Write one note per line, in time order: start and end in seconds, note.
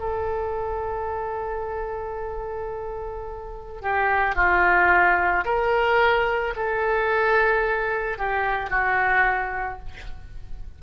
0.00 3.82 A4
3.82 4.36 G4
4.36 5.45 F4
5.45 6.55 A#4
6.57 8.19 A4
8.19 8.71 G4
8.71 9.80 F#4